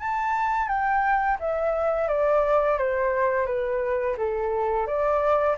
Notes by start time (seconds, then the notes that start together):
0.00 A5
0.68 G5
1.40 E5
2.09 D5
2.79 C5
3.47 B4
4.18 A4
4.87 D5